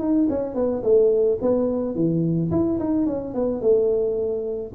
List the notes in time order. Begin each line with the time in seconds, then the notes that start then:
0.00 D#4
0.30 C#4
0.55 B3
0.83 A3
1.42 B3
1.95 E3
2.51 E4
2.80 D#4
3.06 C#4
3.35 B3
3.61 A3